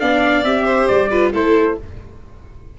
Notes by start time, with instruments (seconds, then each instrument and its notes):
0.00 tuba B3, viola D4, violin D5, trumpet F5
0.44 tuba C4, viola G4, trumpet E5
0.65 violin C5
0.88 tuba G3, trumpet D5
1.11 viola F4, violin B4
1.34 tuba A3, viola E4, violin A4, trumpet C5